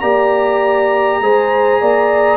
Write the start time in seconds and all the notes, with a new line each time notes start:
0.00 A#3 G4 D5 A#5
1.21 G#3 G#4 C5
1.81 A#3 D5